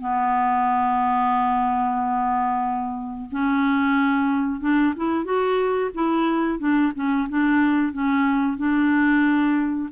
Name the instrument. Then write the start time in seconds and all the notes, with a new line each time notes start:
clarinet
0.00 B3
3.31 C#4
4.61 D4
4.96 E4
5.25 F#4
5.94 E4
6.59 D4
6.95 C#4
7.29 D4
7.93 C#4
8.58 D4